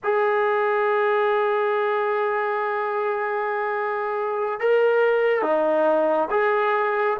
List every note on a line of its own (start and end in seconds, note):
0.03 4.59 G#4
4.59 5.42 A#4
5.42 6.28 D#4
6.30 7.17 G#4